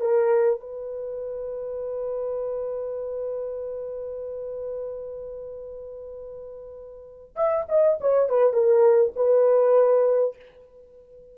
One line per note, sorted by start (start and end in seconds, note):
0.00 0.60 A#4
0.60 7.35 B4
7.36 7.66 E5
7.69 7.99 D#5
8.01 8.29 C#5
8.29 8.53 B4
8.53 9.13 A#4
9.16 10.36 B4